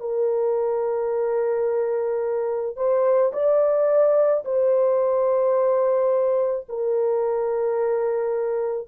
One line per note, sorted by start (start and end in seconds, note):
0.00 2.76 A#4
2.76 3.32 C5
3.33 4.44 D5
4.44 6.67 C5
6.69 8.88 A#4